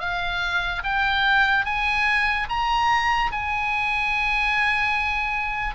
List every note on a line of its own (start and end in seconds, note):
0.00 0.82 F5
0.84 1.65 G5
1.65 2.47 G#5
2.49 3.31 A#5
3.32 5.75 G#5